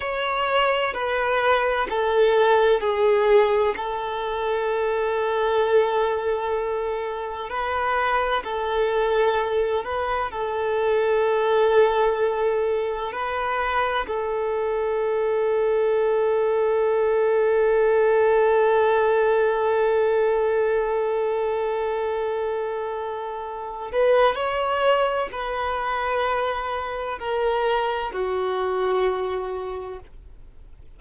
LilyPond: \new Staff \with { instrumentName = "violin" } { \time 4/4 \tempo 4 = 64 cis''4 b'4 a'4 gis'4 | a'1 | b'4 a'4. b'8 a'4~ | a'2 b'4 a'4~ |
a'1~ | a'1~ | a'4. b'8 cis''4 b'4~ | b'4 ais'4 fis'2 | }